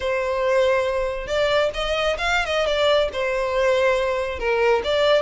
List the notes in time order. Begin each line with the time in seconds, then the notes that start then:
0.00 C5
1.27 D5
1.74 D#5
2.17 F5
2.45 D#5
2.66 D5
3.12 C5
4.39 A#4
4.84 D5